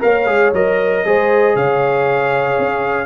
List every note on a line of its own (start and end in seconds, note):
0.00 0.26 A#3
0.00 0.26 A#4
0.00 1.06 C#5
0.00 0.53 F5
0.26 0.52 G#3
0.26 0.51 G#4
0.53 1.04 F#3
0.53 1.05 A#4
0.53 1.56 D#5
1.05 1.55 G#3
1.05 3.06 G#4
1.05 1.55 C5
1.55 2.58 C#3
1.55 3.06 C#5
1.55 3.06 F5
2.58 3.06 C#4